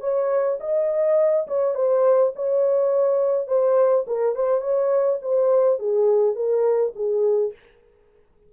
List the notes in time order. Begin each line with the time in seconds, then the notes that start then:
0.00 C#5
0.60 D#5
1.47 C#5
1.74 C5
2.35 C#5
3.47 C5
4.07 A#4
4.35 C5
4.61 C#5
5.22 C5
5.79 G#4
6.35 A#4
6.95 G#4